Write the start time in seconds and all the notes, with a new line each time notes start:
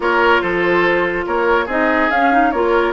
0.00 A#3 F4 A#4 C#5
0.41 F3 A4 C5
1.26 A#3 A#4 C#5
1.65 C4 D#4 G#4 D#5
2.10 C#4 F5
2.31 D#4
2.51 A#3 F4 A#4 C#5